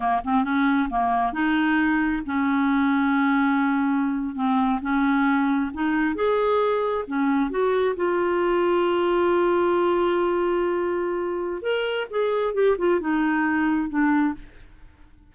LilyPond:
\new Staff \with { instrumentName = "clarinet" } { \time 4/4 \tempo 4 = 134 ais8 c'8 cis'4 ais4 dis'4~ | dis'4 cis'2.~ | cis'4.~ cis'16 c'4 cis'4~ cis'16~ | cis'8. dis'4 gis'2 cis'16~ |
cis'8. fis'4 f'2~ f'16~ | f'1~ | f'2 ais'4 gis'4 | g'8 f'8 dis'2 d'4 | }